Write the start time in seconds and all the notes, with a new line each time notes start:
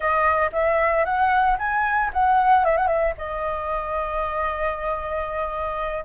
0.00 D#5
0.52 E5
1.04 F#5
1.58 G#5
2.13 F#5
2.65 E5
2.77 F#5
2.87 E5
3.17 D#5